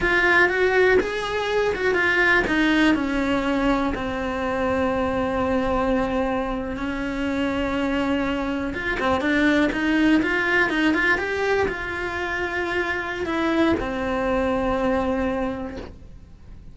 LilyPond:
\new Staff \with { instrumentName = "cello" } { \time 4/4 \tempo 4 = 122 f'4 fis'4 gis'4. fis'8 | f'4 dis'4 cis'2 | c'1~ | c'4.~ c'16 cis'2~ cis'16~ |
cis'4.~ cis'16 f'8 c'8 d'4 dis'16~ | dis'8. f'4 dis'8 f'8 g'4 f'16~ | f'2. e'4 | c'1 | }